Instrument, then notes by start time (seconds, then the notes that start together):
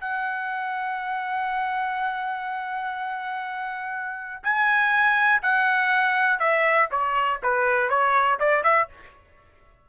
trumpet
0.00 F#5
4.43 G#5
5.42 F#5
6.39 E5
6.91 C#5
7.42 B4
7.89 C#5
8.39 D5
8.63 E5